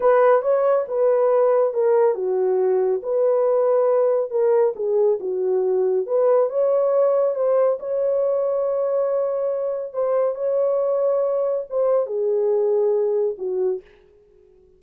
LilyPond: \new Staff \with { instrumentName = "horn" } { \time 4/4 \tempo 4 = 139 b'4 cis''4 b'2 | ais'4 fis'2 b'4~ | b'2 ais'4 gis'4 | fis'2 b'4 cis''4~ |
cis''4 c''4 cis''2~ | cis''2. c''4 | cis''2. c''4 | gis'2. fis'4 | }